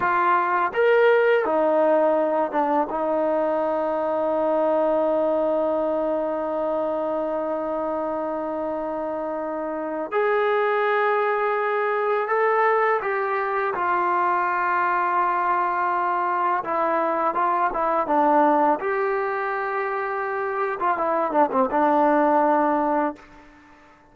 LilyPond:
\new Staff \with { instrumentName = "trombone" } { \time 4/4 \tempo 4 = 83 f'4 ais'4 dis'4. d'8 | dis'1~ | dis'1~ | dis'2 gis'2~ |
gis'4 a'4 g'4 f'4~ | f'2. e'4 | f'8 e'8 d'4 g'2~ | g'8. f'16 e'8 d'16 c'16 d'2 | }